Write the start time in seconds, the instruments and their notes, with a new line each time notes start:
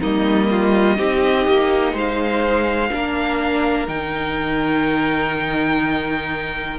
0.00 cello G3, viola A#3, violin D#4 D#5
0.51 violin F4
0.96 cello C4, viola D#4, violin G4
1.48 cello A#3
1.93 cello G#3, violin C5 F5
2.92 cello A#3, viola D4, violin A#4
3.87 cello D#3, viola D#4, violin G5